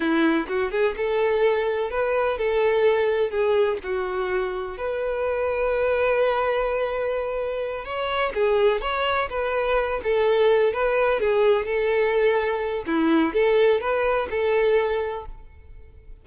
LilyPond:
\new Staff \with { instrumentName = "violin" } { \time 4/4 \tempo 4 = 126 e'4 fis'8 gis'8 a'2 | b'4 a'2 gis'4 | fis'2 b'2~ | b'1~ |
b'8 cis''4 gis'4 cis''4 b'8~ | b'4 a'4. b'4 gis'8~ | gis'8 a'2~ a'8 e'4 | a'4 b'4 a'2 | }